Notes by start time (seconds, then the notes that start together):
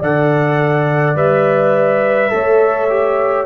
0.00 D3 A4 D5 F#5
1.15 G3 B4 E5
2.30 A3 A4 C#5
2.89 G4